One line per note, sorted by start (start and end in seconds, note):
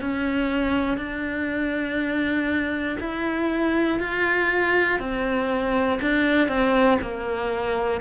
0.00 0.97 C#4
0.97 2.97 D4
3.00 4.00 E4
4.00 4.99 F4
4.99 5.99 C4
6.01 6.48 D4
6.48 6.98 C4
7.01 8.01 A#3